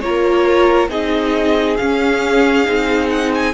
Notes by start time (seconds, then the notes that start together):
0.00 A#3 F4 A#4 C#5
0.88 C4 D#4 G#4 D#5
1.76 C#4 F5
2.65 C4 D#4
3.09 F#5
3.34 G#5